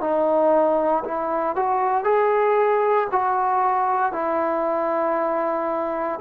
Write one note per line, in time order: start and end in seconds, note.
0.00 1.03 D#4
1.04 1.56 E4
1.56 2.04 F#4
2.04 3.08 G#4
3.11 4.12 F#4
4.12 6.19 E4